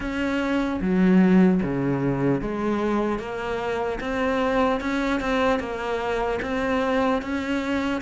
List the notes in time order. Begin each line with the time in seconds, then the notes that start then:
0.00 C#4
0.81 F#3
1.63 C#3
2.41 G#3
3.19 A#3
4.00 C4
4.80 C#4
5.20 C4
5.59 A#3
6.41 C4
7.21 C#4